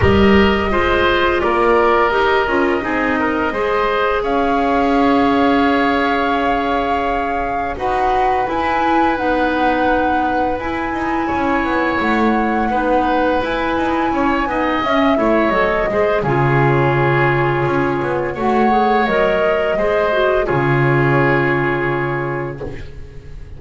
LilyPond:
<<
  \new Staff \with { instrumentName = "flute" } { \time 4/4 \tempo 4 = 85 dis''2 d''4 dis''4~ | dis''2 f''2~ | f''2. fis''4 | gis''4 fis''2 gis''4~ |
gis''4 fis''2 gis''4~ | gis''4 e''4 dis''4 cis''4~ | cis''2 fis''4 dis''4~ | dis''4 cis''2. | }
  \new Staff \with { instrumentName = "oboe" } { \time 4/4 ais'4 c''4 ais'2 | gis'8 ais'8 c''4 cis''2~ | cis''2. b'4~ | b'1 |
cis''2 b'2 | cis''8 dis''4 cis''4 c''8 gis'4~ | gis'2 cis''2 | c''4 gis'2. | }
  \new Staff \with { instrumentName = "clarinet" } { \time 4/4 g'4 f'2 g'8 f'8 | dis'4 gis'2.~ | gis'2. fis'4 | e'4 dis'2 e'4~ |
e'2 dis'4 e'4~ | e'8 dis'8 cis'8 e'8 a'8 gis'8 f'4~ | f'2 fis'8 gis'8 ais'4 | gis'8 fis'8 f'2. | }
  \new Staff \with { instrumentName = "double bass" } { \time 4/4 g4 gis4 ais4 dis'8 cis'8 | c'4 gis4 cis'2~ | cis'2. dis'4 | e'4 b2 e'8 dis'8 |
cis'8 b8 a4 b4 e'8 dis'8 | cis'8 b8 cis'8 a8 fis8 gis8 cis4~ | cis4 cis'8 b8 a4 fis4 | gis4 cis2. | }
>>